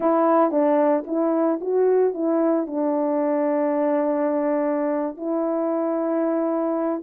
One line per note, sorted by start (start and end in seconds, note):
0.00 0.51 E4
0.51 1.04 D4
1.06 1.59 E4
1.60 2.14 F#4
2.14 2.66 E4
2.66 5.16 D4
5.16 7.02 E4